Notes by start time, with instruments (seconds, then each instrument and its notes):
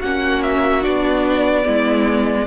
0.00 cello A#3, viola C#4, violin F#4 F#5
0.43 violin E5
0.82 cello B3, viola D4, violin D5
1.65 cello G#3, viola B3, violin E4